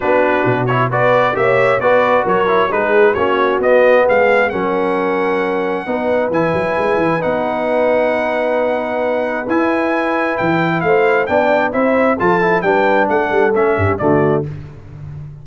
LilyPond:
<<
  \new Staff \with { instrumentName = "trumpet" } { \time 4/4 \tempo 4 = 133 b'4. cis''8 d''4 e''4 | d''4 cis''4 b'4 cis''4 | dis''4 f''4 fis''2~ | fis''2 gis''2 |
fis''1~ | fis''4 gis''2 g''4 | f''4 g''4 e''4 a''4 | g''4 fis''4 e''4 d''4 | }
  \new Staff \with { instrumentName = "horn" } { \time 4/4 fis'2 b'4 cis''4 | b'4 ais'4 gis'4 fis'4~ | fis'4 gis'4 ais'2~ | ais'4 b'2.~ |
b'1~ | b'1 | c''4 d''4 c''4 a'4 | b'4 a'4. g'8 fis'4 | }
  \new Staff \with { instrumentName = "trombone" } { \time 4/4 d'4. e'8 fis'4 g'4 | fis'4. e'8 dis'4 cis'4 | b2 cis'2~ | cis'4 dis'4 e'2 |
dis'1~ | dis'4 e'2.~ | e'4 d'4 e'4 f'8 e'8 | d'2 cis'4 a4 | }
  \new Staff \with { instrumentName = "tuba" } { \time 4/4 b4 b,4 b4 ais4 | b4 fis4 gis4 ais4 | b4 gis4 fis2~ | fis4 b4 e8 fis8 gis8 e8 |
b1~ | b4 e'2 e4 | a4 b4 c'4 f4 | g4 a8 g8 a8 g,8 d4 | }
>>